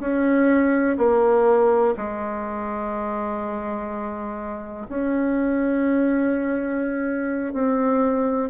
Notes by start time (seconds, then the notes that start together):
0.00 C#4
0.97 A#3
1.97 G#3
4.89 C#4
7.53 C4